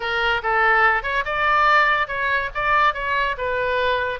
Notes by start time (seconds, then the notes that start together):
0.00 A#4
0.42 A4
1.03 C#5
1.25 D5
2.07 C#5
2.54 D5
2.94 C#5
3.37 B4